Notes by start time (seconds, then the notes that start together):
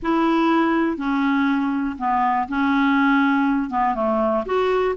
0.02 E4
0.97 C#4
1.98 B3
2.48 C#4
3.70 B3
3.94 A3
4.45 F#4